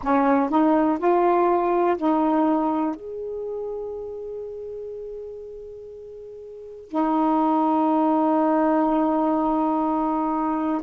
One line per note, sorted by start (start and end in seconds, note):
0.02 0.49 C#4
0.49 0.98 D#4
0.98 1.97 F4
1.97 2.95 D#4
2.95 6.89 G#4
6.89 10.82 D#4